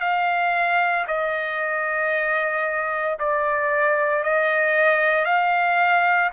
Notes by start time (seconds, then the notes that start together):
0.00 F5
1.07 D#5
3.19 D5
4.23 D#5
5.24 F5